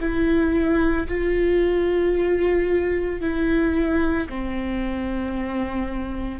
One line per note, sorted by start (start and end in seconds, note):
0.00 1.07 E4
1.08 3.20 F4
3.20 4.28 E4
4.29 6.39 C4